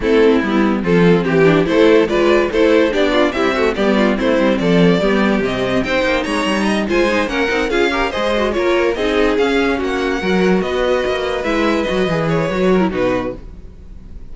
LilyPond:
<<
  \new Staff \with { instrumentName = "violin" } { \time 4/4 \tempo 4 = 144 a'4 e'4 a'4 g'4 | c''4 d''4 c''4 d''4 | e''4 d''4 c''4 d''4~ | d''4 dis''4 g''4 ais''4~ |
ais''8 gis''4 fis''4 f''4 dis''8~ | dis''8 cis''4 dis''4 f''4 fis''8~ | fis''4. dis''2 e''8~ | e''8 dis''4 cis''4. b'4 | }
  \new Staff \with { instrumentName = "violin" } { \time 4/4 e'2 f'4 g'4 | a'4 b'4 a'4 g'8 f'8 | e'8 fis'8 g'8 f'8 e'4 a'4 | g'2 c''4 cis''4 |
dis''8 c''4 ais'4 gis'8 ais'8 c''8~ | c''8 ais'4 gis'2 fis'8~ | fis'8 ais'4 b'2~ b'8~ | b'2~ b'8 ais'8 fis'4 | }
  \new Staff \with { instrumentName = "viola" } { \time 4/4 c'4 b4 c'4. d'8 | e'4 f'4 e'4 d'4 | g8 a8 b4 c'2 | b4 c'4 dis'2~ |
dis'8 f'8 dis'8 cis'8 dis'8 f'8 g'8 gis'8 | fis'8 f'4 dis'4 cis'4.~ | cis'8 fis'2. e'8~ | e'8 fis'8 gis'4 fis'8. e'16 dis'4 | }
  \new Staff \with { instrumentName = "cello" } { \time 4/4 a4 g4 f4 e4 | a4 gis4 a4 b4 | c'4 g4 a8 g8 f4 | g4 c4 c'8 ais8 gis8 g8~ |
g8 gis4 ais8 c'8 cis'4 gis8~ | gis8 ais4 c'4 cis'4 ais8~ | ais8 fis4 b4 ais4 gis8~ | gis8 fis8 e4 fis4 b,4 | }
>>